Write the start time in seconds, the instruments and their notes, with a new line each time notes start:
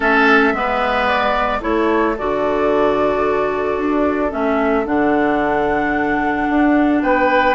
0.00 bassoon A3, clarinet C#4, oboe A4, flute E5
0.52 bassoon G#3, clarinet B3, oboe B4
1.06 flute D5
1.60 bassoon A3, clarinet E4, oboe A4, flute C#5
2.18 bassoon D3, clarinet F#4, flute D5
3.77 bassoon D4
4.30 bassoon A3, clarinet C#4, flute E5
4.85 bassoon D3, clarinet D4, flute F#5
6.49 bassoon D4
7.02 bassoon B3, oboe B4, flute G5